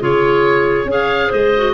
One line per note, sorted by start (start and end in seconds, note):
0.00 0.86 C#3
0.00 0.88 F4
0.00 0.88 G#4
0.00 0.91 C#5
0.86 1.30 C#4
0.86 1.54 G#4
0.86 1.29 C#5
0.92 1.33 F5
1.29 1.74 G#3
1.29 1.72 C5
1.29 1.74 D#5
1.56 1.74 F#4